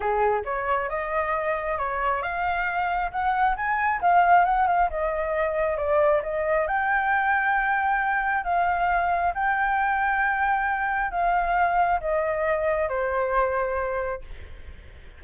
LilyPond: \new Staff \with { instrumentName = "flute" } { \time 4/4 \tempo 4 = 135 gis'4 cis''4 dis''2 | cis''4 f''2 fis''4 | gis''4 f''4 fis''8 f''8 dis''4~ | dis''4 d''4 dis''4 g''4~ |
g''2. f''4~ | f''4 g''2.~ | g''4 f''2 dis''4~ | dis''4 c''2. | }